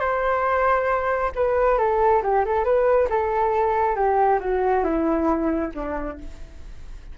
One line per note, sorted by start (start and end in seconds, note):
0.00 1.31 C5
1.35 1.78 B4
1.78 2.22 A4
2.23 2.45 G4
2.45 2.64 A4
2.64 3.08 B4
3.09 3.96 A4
3.96 4.39 G4
4.40 4.84 F#4
4.84 5.72 E4
5.74 6.18 D4